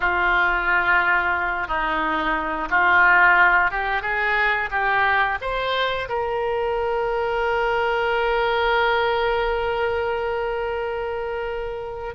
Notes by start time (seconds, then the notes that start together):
0.00 F4
1.67 D#4
2.70 F4
3.70 G4
4.02 G#4
4.70 G4
5.41 C5
6.08 A#4